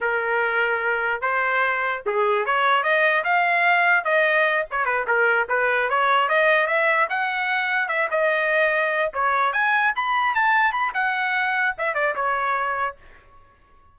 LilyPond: \new Staff \with { instrumentName = "trumpet" } { \time 4/4 \tempo 4 = 148 ais'2. c''4~ | c''4 gis'4 cis''4 dis''4 | f''2 dis''4. cis''8 | b'8 ais'4 b'4 cis''4 dis''8~ |
dis''8 e''4 fis''2 e''8 | dis''2~ dis''8 cis''4 gis''8~ | gis''8 b''4 a''4 b''8 fis''4~ | fis''4 e''8 d''8 cis''2 | }